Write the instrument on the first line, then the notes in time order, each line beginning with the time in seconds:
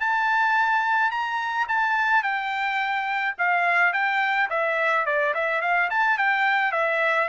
trumpet
0.00 A5
1.11 A#5
1.68 A5
2.23 G5
3.38 F5
3.93 G5
4.50 E5
5.06 D5
5.34 E5
5.61 F5
5.90 A5
6.18 G5
6.72 E5